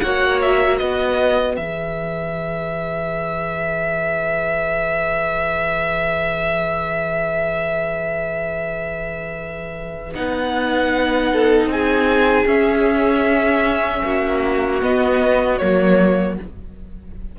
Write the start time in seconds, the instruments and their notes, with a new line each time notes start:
0.00 cello A#3, viola F#4, violin C#5 F#5
0.42 violin E5
0.77 cello B3, violin B4 D#5
1.56 cello E3, viola G#4, violin E5
10.14 cello B3, viola D#4, violin F#5
11.33 violin A4
11.67 cello C4, violin G#4 G#5
12.46 cello C#4, viola C#4, violin E5
14.04 cello A#3, violin F#4
14.82 viola B3, cello B3, violin D#5
15.58 cello F#3, viola A#3, violin C#5